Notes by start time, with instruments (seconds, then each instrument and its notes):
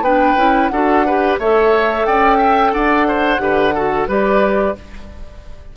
0.00 bassoon B3, clarinet D4, oboe B4, flute G5
0.37 bassoon C#4, clarinet E4
0.68 bassoon D4, clarinet F#4, oboe A4, flute F#5
1.06 clarinet G4, oboe B4
1.39 bassoon A3, clarinet A4, oboe C#5, flute E5
2.06 bassoon C#4, oboe D5, flute G5
2.38 oboe E5
2.73 bassoon D4, oboe D5, flute F#5
3.07 oboe C5
3.38 bassoon D3, clarinet G4, oboe B4
3.74 clarinet F#4, oboe A4
4.07 bassoon G3, clarinet G4, oboe B4, flute D5